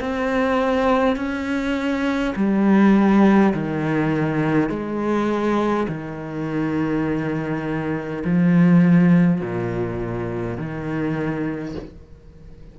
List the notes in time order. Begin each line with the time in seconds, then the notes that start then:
0.00 C4
1.17 C#4
2.36 G3
3.54 D#3
4.70 G#3
5.88 D#3
8.25 F3
9.41 A#2
10.58 D#3